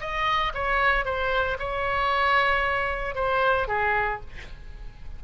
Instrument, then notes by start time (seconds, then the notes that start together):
oboe
0.00 D#5
0.54 C#5
1.05 C5
1.59 C#5
3.15 C5
3.68 G#4